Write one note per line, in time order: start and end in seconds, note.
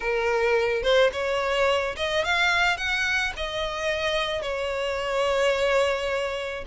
0.00 0.82 A#4
0.82 1.10 C5
1.12 1.95 C#5
1.96 2.24 D#5
2.24 2.77 F5
2.77 3.32 F#5
3.36 4.42 D#5
4.42 6.64 C#5